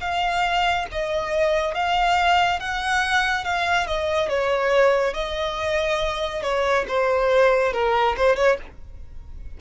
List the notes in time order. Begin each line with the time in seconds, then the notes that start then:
0.00 F5
0.92 D#5
1.74 F5
2.59 F#5
3.44 F5
3.87 D#5
4.29 C#5
5.14 D#5
6.42 C#5
6.88 C5
7.73 A#4
8.17 C5
8.36 C#5